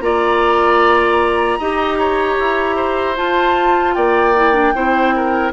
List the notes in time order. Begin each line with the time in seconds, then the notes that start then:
0.00 A#3 F4 D5 A#5
1.59 D#4 G4 D#5
1.98 C#5
2.38 E4
2.76 C5
3.16 F4 A5
3.94 A#3 D5 G5
4.35 E4
4.53 D4
4.74 C4 E4 C5
5.15 A#4